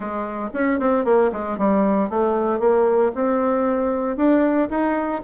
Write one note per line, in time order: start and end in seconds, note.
0.00 0.49 G#3
0.53 0.79 C#4
0.79 1.04 C4
1.04 1.30 A#3
1.32 1.58 G#3
1.58 2.09 G3
2.09 2.59 A3
2.59 3.11 A#3
3.14 4.16 C4
4.16 4.69 D4
4.70 5.22 D#4